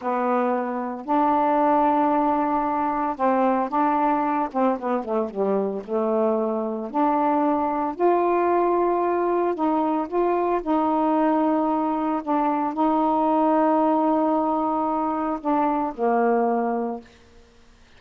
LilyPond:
\new Staff \with { instrumentName = "saxophone" } { \time 4/4 \tempo 4 = 113 b2 d'2~ | d'2 c'4 d'4~ | d'8 c'8 b8 a8 g4 a4~ | a4 d'2 f'4~ |
f'2 dis'4 f'4 | dis'2. d'4 | dis'1~ | dis'4 d'4 ais2 | }